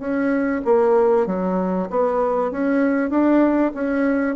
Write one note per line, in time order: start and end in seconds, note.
0.00 0.62 C#4
0.65 1.27 A#3
1.27 1.89 F#3
1.91 2.52 B3
2.52 3.11 C#4
3.11 3.73 D4
3.75 4.36 C#4